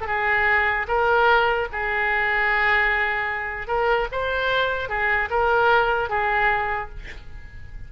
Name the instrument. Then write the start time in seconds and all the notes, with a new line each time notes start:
oboe
0.00 A4
0.06 G#4
0.88 A#4
1.72 G#4
3.67 A#4
4.12 C5
4.89 G#4
5.30 A#4
6.09 G#4